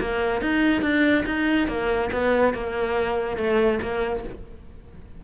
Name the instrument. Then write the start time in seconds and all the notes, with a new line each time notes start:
cello
0.00 A#3
0.41 D#4
0.81 D4
1.25 D#4
1.68 A#3
2.12 B3
2.54 A#3
3.37 A3
3.82 A#3